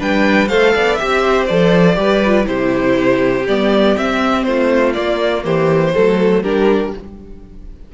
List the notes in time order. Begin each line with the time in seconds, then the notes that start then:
0.00 G3 D4 B4 G5
0.49 A3 A4 C5 F5
0.74 B3 D5
0.95 G4 E5
1.02 C4
1.22 C5
1.47 F3 A4 D5
1.95 G3 G4 B4
2.26 F4
2.44 C3 E4 G4 C5
3.47 G3 B3 D5
3.97 C4 E5
4.44 A3 F4 C5
4.94 A#3 D5
5.45 E3 G4 C5
5.95 F#3 A3 A4
6.43 G3 D4 G4 A#4